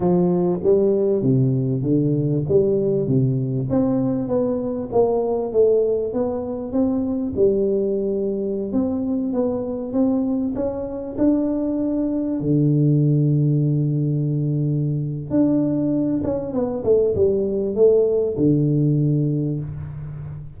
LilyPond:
\new Staff \with { instrumentName = "tuba" } { \time 4/4 \tempo 4 = 98 f4 g4 c4 d4 | g4 c4 c'4 b4 | ais4 a4 b4 c'4 | g2~ g16 c'4 b8.~ |
b16 c'4 cis'4 d'4.~ d'16~ | d'16 d2.~ d8.~ | d4 d'4. cis'8 b8 a8 | g4 a4 d2 | }